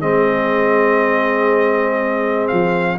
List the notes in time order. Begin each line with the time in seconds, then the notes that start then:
0.00 G#3 C4 G#4 D#5
2.47 F3 F5